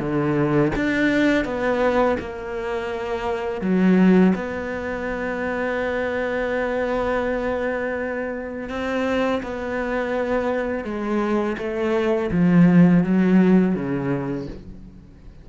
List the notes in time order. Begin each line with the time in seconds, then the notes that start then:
0.00 D3
0.76 D4
1.45 B3
2.20 A#3
3.61 F#3
4.35 B3
8.69 C4
9.43 B3
10.85 G#3
11.58 A3
12.31 F3
13.04 F#3
13.75 C#3